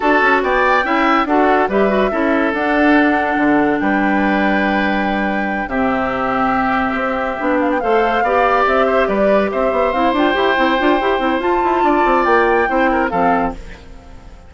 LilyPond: <<
  \new Staff \with { instrumentName = "flute" } { \time 4/4 \tempo 4 = 142 a''4 g''2 fis''4 | e''2 fis''2~ | fis''4 g''2.~ | g''4. e''2~ e''8~ |
e''2 f''16 g''16 f''4.~ | f''8 e''4 d''4 e''4 f''8 | g''2. a''4~ | a''4 g''2 f''4 | }
  \new Staff \with { instrumentName = "oboe" } { \time 4/4 a'4 d''4 e''4 a'4 | b'4 a'2.~ | a'4 b'2.~ | b'4. g'2~ g'8~ |
g'2~ g'8 c''4 d''8~ | d''4 c''8 b'4 c''4.~ | c''1 | d''2 c''8 ais'8 a'4 | }
  \new Staff \with { instrumentName = "clarinet" } { \time 4/4 fis'2 e'4 fis'4 | g'8 fis'8 e'4 d'2~ | d'1~ | d'4. c'2~ c'8~ |
c'4. d'4 a'4 g'8~ | g'2.~ g'8 e'8 | f'8 g'8 e'8 f'8 g'8 e'8 f'4~ | f'2 e'4 c'4 | }
  \new Staff \with { instrumentName = "bassoon" } { \time 4/4 d'8 cis'8 b4 cis'4 d'4 | g4 cis'4 d'2 | d4 g2.~ | g4. c2~ c8~ |
c8 c'4 b4 a4 b8~ | b8 c'4 g4 c'8 b8 c'8 | d'8 e'8 c'8 d'8 e'8 c'8 f'8 e'8 | d'8 c'8 ais4 c'4 f4 | }
>>